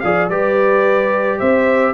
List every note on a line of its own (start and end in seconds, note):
0.00 0.29 F3
0.00 0.31 G#4
0.00 0.30 D5
0.00 0.28 F5
0.29 1.39 G3
0.29 1.94 G4
0.29 1.39 B4
0.29 1.39 D5
1.39 1.94 C4
1.39 1.94 C5
1.39 1.94 E5